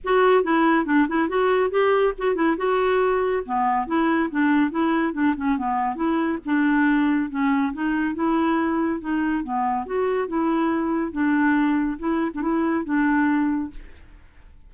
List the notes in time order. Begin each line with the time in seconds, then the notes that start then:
0.04 F#4
0.43 E4
0.85 D4
1.08 E4
1.28 F#4
1.70 G4
2.17 F#4
2.35 E4
2.57 F#4
3.45 B3
3.86 E4
4.30 D4
4.70 E4
5.13 D4
5.36 C#4
5.57 B3
5.95 E4
6.45 D4
7.30 C#4
7.73 D#4
8.14 E4
9.00 D#4
9.43 B3
9.86 F#4
10.28 E4
11.12 D4
11.98 E4
12.34 D4
12.42 E4
12.84 D4